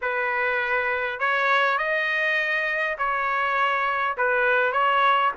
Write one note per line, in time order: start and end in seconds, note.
0.01 1.19 B4
1.19 1.78 C#5
1.78 2.96 D#5
2.97 4.16 C#5
4.17 4.72 B4
4.72 5.32 C#5